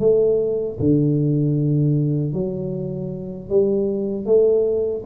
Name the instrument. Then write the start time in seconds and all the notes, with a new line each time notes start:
tuba
0.00 A3
0.80 D3
2.34 F#3
3.50 G3
4.26 A3